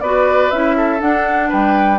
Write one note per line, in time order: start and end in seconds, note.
0.00 0.51 B3
0.00 0.53 F#4
0.00 0.77 B4
0.00 0.50 D5
0.50 1.01 C#4
0.50 0.99 E4
0.50 1.00 E5
0.77 1.48 A4
0.99 1.98 D4
0.99 1.51 D4
0.99 1.51 F#5
1.48 1.98 G3
1.48 1.98 B4
1.48 1.98 G5